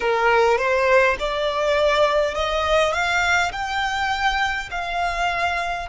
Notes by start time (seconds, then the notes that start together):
0.00 A#4
0.58 C5
1.19 D5
2.34 D#5
2.93 F5
3.52 G5
4.71 F5